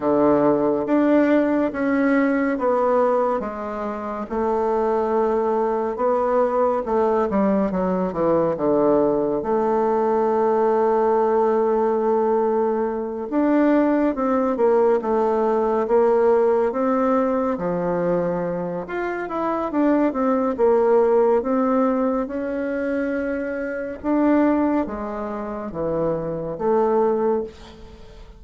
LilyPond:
\new Staff \with { instrumentName = "bassoon" } { \time 4/4 \tempo 4 = 70 d4 d'4 cis'4 b4 | gis4 a2 b4 | a8 g8 fis8 e8 d4 a4~ | a2.~ a8 d'8~ |
d'8 c'8 ais8 a4 ais4 c'8~ | c'8 f4. f'8 e'8 d'8 c'8 | ais4 c'4 cis'2 | d'4 gis4 e4 a4 | }